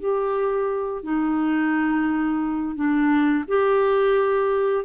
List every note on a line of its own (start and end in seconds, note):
0.00 1.03 G4
1.03 2.75 D#4
2.75 3.44 D4
3.48 4.85 G4